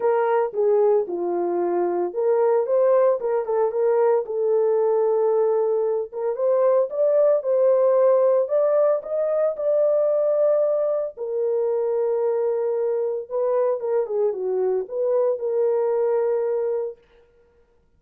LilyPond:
\new Staff \with { instrumentName = "horn" } { \time 4/4 \tempo 4 = 113 ais'4 gis'4 f'2 | ais'4 c''4 ais'8 a'8 ais'4 | a'2.~ a'8 ais'8 | c''4 d''4 c''2 |
d''4 dis''4 d''2~ | d''4 ais'2.~ | ais'4 b'4 ais'8 gis'8 fis'4 | b'4 ais'2. | }